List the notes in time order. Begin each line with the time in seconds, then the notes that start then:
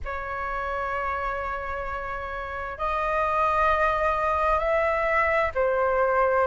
0.05 C#5
2.78 D#5
4.59 E5
5.54 C5